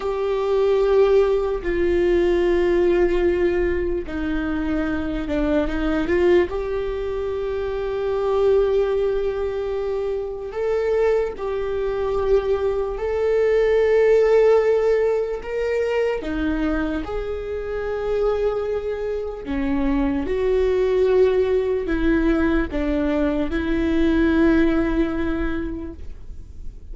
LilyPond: \new Staff \with { instrumentName = "viola" } { \time 4/4 \tempo 4 = 74 g'2 f'2~ | f'4 dis'4. d'8 dis'8 f'8 | g'1~ | g'4 a'4 g'2 |
a'2. ais'4 | dis'4 gis'2. | cis'4 fis'2 e'4 | d'4 e'2. | }